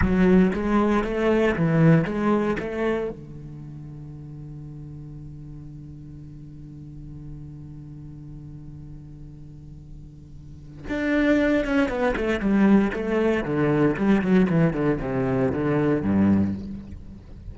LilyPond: \new Staff \with { instrumentName = "cello" } { \time 4/4 \tempo 4 = 116 fis4 gis4 a4 e4 | gis4 a4 d2~ | d1~ | d1~ |
d1~ | d4 d'4. cis'8 b8 a8 | g4 a4 d4 g8 fis8 | e8 d8 c4 d4 g,4 | }